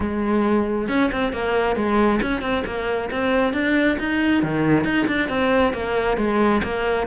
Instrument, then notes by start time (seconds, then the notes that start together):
cello
0.00 G#3
0.88 C#4
1.12 C4
1.32 A#3
1.75 G#3
2.22 C#4
2.41 C4
2.66 A#3
3.11 C4
3.53 D4
3.99 D#4
4.42 D#3
4.84 D#4
5.07 D4
5.28 C4
5.73 A#3
6.17 G#3
6.63 A#3